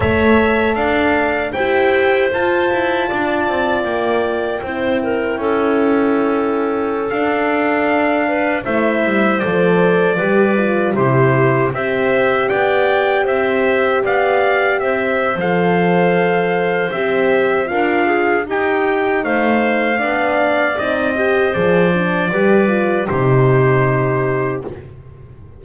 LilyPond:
<<
  \new Staff \with { instrumentName = "trumpet" } { \time 4/4 \tempo 4 = 78 e''4 f''4 g''4 a''4~ | a''4 g''2.~ | g''4~ g''16 f''2 e''8.~ | e''16 d''2 c''4 e''8.~ |
e''16 g''4 e''4 f''4 e''8. | f''2 e''4 f''4 | g''4 f''2 dis''4 | d''2 c''2 | }
  \new Staff \with { instrumentName = "clarinet" } { \time 4/4 cis''4 d''4 c''2 | d''2 c''8 ais'8 a'4~ | a'2~ a'8. b'8 c''8.~ | c''4~ c''16 b'4 g'4 c''8.~ |
c''16 d''4 c''4 d''4 c''8.~ | c''2. ais'8 gis'8 | g'4 c''4 d''4. c''8~ | c''4 b'4 g'2 | }
  \new Staff \with { instrumentName = "horn" } { \time 4/4 a'2 g'4 f'4~ | f'2 e'2~ | e'4~ e'16 d'2 e'8.~ | e'16 a'4 g'8 f'8 e'4 g'8.~ |
g'1 | a'2 g'4 f'4 | dis'2 d'4 dis'8 g'8 | gis'8 d'8 g'8 f'8 dis'2 | }
  \new Staff \with { instrumentName = "double bass" } { \time 4/4 a4 d'4 e'4 f'8 e'8 | d'8 c'8 ais4 c'4 cis'4~ | cis'4~ cis'16 d'2 a8 g16~ | g16 f4 g4 c4 c'8.~ |
c'16 b4 c'4 b4 c'8. | f2 c'4 d'4 | dis'4 a4 b4 c'4 | f4 g4 c2 | }
>>